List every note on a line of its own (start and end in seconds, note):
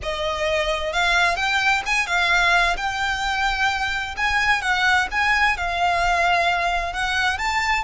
0.02 0.93 D#5
0.93 1.36 F5
1.36 1.82 G5
1.85 2.06 G#5
2.06 2.76 F5
2.77 4.15 G5
4.16 4.61 G#5
4.61 5.07 F#5
5.11 5.57 G#5
5.57 6.93 F5
6.93 7.37 F#5
7.37 7.83 A5